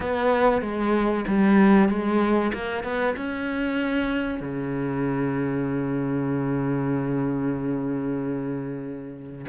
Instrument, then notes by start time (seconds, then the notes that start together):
cello
0.00 B3
0.61 G#3
1.27 G3
1.89 G#3
2.53 A#3
2.83 B3
3.16 C#4
4.40 C#3